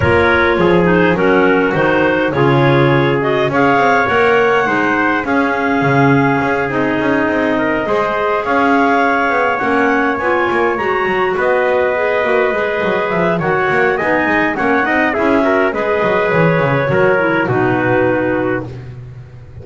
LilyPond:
<<
  \new Staff \with { instrumentName = "clarinet" } { \time 4/4 \tempo 4 = 103 cis''4. c''8 ais'4 c''4 | cis''4. dis''8 f''4 fis''4~ | fis''4 f''2~ f''8 dis''8~ | dis''2~ dis''8 f''4.~ |
f''8 fis''4 gis''4 ais''4 dis''8~ | dis''2~ dis''8 e''8 fis''4 | gis''4 fis''4 e''4 dis''4 | cis''2 b'2 | }
  \new Staff \with { instrumentName = "trumpet" } { \time 4/4 ais'4 gis'4 fis'2 | gis'2 cis''2 | c''4 gis'2.~ | gis'4 ais'8 c''4 cis''4.~ |
cis''2.~ cis''8 b'8~ | b'2. cis''4 | dis''4 cis''8 dis''8 gis'8 ais'8 b'4~ | b'4 ais'4 fis'2 | }
  \new Staff \with { instrumentName = "clarinet" } { \time 4/4 f'4. dis'8 cis'4 dis'4 | f'4. fis'8 gis'4 ais'4 | dis'4 cis'2~ cis'8 dis'8~ | dis'4. gis'2~ gis'8~ |
gis'8 cis'4 f'4 fis'4.~ | fis'8 gis'8 fis'8 gis'4. fis'4 | dis'4 cis'8 dis'8 e'8 fis'8 gis'4~ | gis'4 fis'8 e'8 dis'2 | }
  \new Staff \with { instrumentName = "double bass" } { \time 4/4 ais4 f4 fis4 dis4 | cis2 cis'8 c'8 ais4 | gis4 cis'4 cis4 cis'8 c'8 | cis'8 c'4 gis4 cis'4. |
b8 ais4 b8 ais8 gis8 fis8 b8~ | b4 ais8 gis8 fis8 f8 dis8 ais8 | b8 gis8 ais8 c'8 cis'4 gis8 fis8 | e8 cis8 fis4 b,2 | }
>>